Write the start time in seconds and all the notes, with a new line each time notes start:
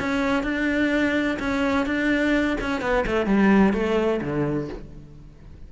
0.00 C#4
0.44 D4
1.40 C#4
1.87 D4
2.61 C#4
2.82 B3
3.07 A3
3.26 G3
3.74 A3
4.22 D3